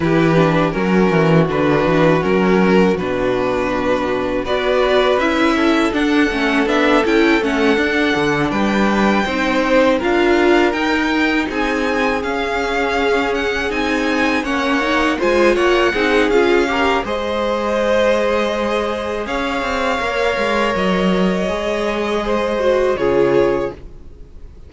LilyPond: <<
  \new Staff \with { instrumentName = "violin" } { \time 4/4 \tempo 4 = 81 b'4 ais'4 b'4 ais'4 | b'2 d''4 e''4 | fis''4 e''8 g''8 fis''4. g''8~ | g''4. f''4 g''4 gis''8~ |
gis''8 f''4. fis''8 gis''4 fis''8~ | fis''8 gis''8 fis''4 f''4 dis''4~ | dis''2 f''2 | dis''2. cis''4 | }
  \new Staff \with { instrumentName = "violin" } { \time 4/4 g'4 fis'2.~ | fis'2 b'4. a'8~ | a'2.~ a'8 b'8~ | b'8 c''4 ais'2 gis'8~ |
gis'2.~ gis'8 cis''8~ | cis''8 c''8 cis''8 gis'4 ais'8 c''4~ | c''2 cis''2~ | cis''2 c''4 gis'4 | }
  \new Staff \with { instrumentName = "viola" } { \time 4/4 e'8 d'8 cis'4 d'4 cis'4 | d'2 fis'4 e'4 | d'8 cis'8 d'8 e'8 cis'8 d'4.~ | d'8 dis'4 f'4 dis'4.~ |
dis'8 cis'2 dis'4 cis'8 | dis'8 f'4 dis'8 f'8 g'8 gis'4~ | gis'2. ais'4~ | ais'4 gis'4. fis'8 f'4 | }
  \new Staff \with { instrumentName = "cello" } { \time 4/4 e4 fis8 e8 d8 e8 fis4 | b,2 b4 cis'4 | d'8 a8 b8 cis'8 a8 d'8 d8 g8~ | g8 c'4 d'4 dis'4 c'8~ |
c'8 cis'2 c'4 ais8~ | ais8 gis8 ais8 c'8 cis'4 gis4~ | gis2 cis'8 c'8 ais8 gis8 | fis4 gis2 cis4 | }
>>